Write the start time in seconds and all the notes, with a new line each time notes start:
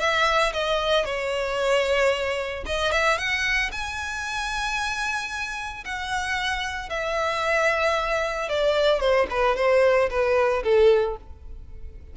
0.00 E5
0.53 D#5
1.05 C#5
2.66 D#5
2.92 E5
3.18 F#5
3.72 G#5
5.85 F#5
6.90 E5
8.49 D5
9.00 C5
9.31 B4
9.57 C5
10.10 B4
10.64 A4